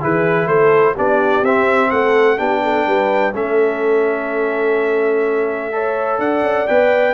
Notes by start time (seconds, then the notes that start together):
0.00 E3 E4 G#4 B4
0.46 A3 A4 C5
0.93 B3 D4 G4 D5
1.41 C4 E5
1.89 A3 A4 F#5
2.37 B3 D4 G4 G5
2.63 A4
2.86 G3 B4
3.33 A3 C#4 A4 E5
5.72 A4 C#5
6.18 D4 D5 F#5
6.42 C#4
6.67 B3 B4 G5